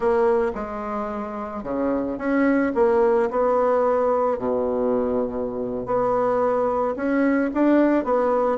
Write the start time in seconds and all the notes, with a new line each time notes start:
0.00 A#3
0.54 G#3
1.63 C#3
2.17 C#4
2.74 A#3
3.30 B3
4.38 B2
5.85 B3
6.95 C#4
7.54 D4
8.04 B3